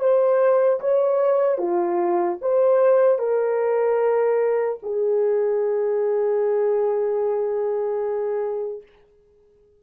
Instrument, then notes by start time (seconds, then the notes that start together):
horn
0.00 C5
0.80 C#5
1.59 F4
2.41 C5
3.19 A#4
4.83 G#4